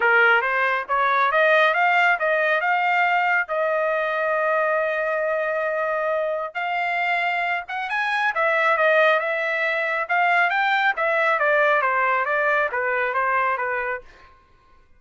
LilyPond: \new Staff \with { instrumentName = "trumpet" } { \time 4/4 \tempo 4 = 137 ais'4 c''4 cis''4 dis''4 | f''4 dis''4 f''2 | dis''1~ | dis''2. f''4~ |
f''4. fis''8 gis''4 e''4 | dis''4 e''2 f''4 | g''4 e''4 d''4 c''4 | d''4 b'4 c''4 b'4 | }